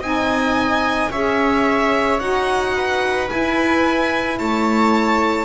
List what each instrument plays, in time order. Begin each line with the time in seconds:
0.00 double bass C4, saxophone D#4, viola D#5, violin G#5
1.11 double bass C#4, saxophone G#4, viola C#5, violin E5
2.19 double bass D#4, saxophone F#4, violin F#5
2.75 viola B4
3.27 saxophone E4, double bass E4, violin G#5
4.39 double bass A3, viola C#5, violin A5